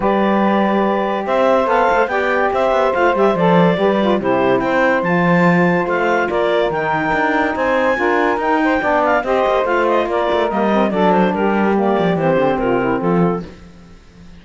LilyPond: <<
  \new Staff \with { instrumentName = "clarinet" } { \time 4/4 \tempo 4 = 143 d''2. e''4 | f''4 g''4 e''4 f''8 e''8 | d''2 c''4 g''4 | a''2 f''4 d''4 |
g''2 gis''2 | g''4. f''8 dis''4 f''8 dis''8 | d''4 dis''4 d''8 c''8 ais'4 | d''4 c''4 ais'4 a'4 | }
  \new Staff \with { instrumentName = "saxophone" } { \time 4/4 b'2. c''4~ | c''4 d''4 c''2~ | c''4 b'4 g'4 c''4~ | c''2. ais'4~ |
ais'2 c''4 ais'4~ | ais'8 c''8 d''4 c''2 | ais'2 a'4 g'4~ | g'2 f'8 e'8 f'4 | }
  \new Staff \with { instrumentName = "saxophone" } { \time 4/4 g'1 | a'4 g'2 f'8 g'8 | a'4 g'8 f'8 e'2 | f'1 |
dis'2. f'4 | dis'4 d'4 g'4 f'4~ | f'4 ais8 c'8 d'2 | ais4 c'2. | }
  \new Staff \with { instrumentName = "cello" } { \time 4/4 g2. c'4 | b8 a8 b4 c'8 b8 a8 g8 | f4 g4 c4 c'4 | f2 a4 ais4 |
dis4 d'4 c'4 d'4 | dis'4 b4 c'8 ais8 a4 | ais8 a8 g4 fis4 g4~ | g8 f8 e8 d8 c4 f4 | }
>>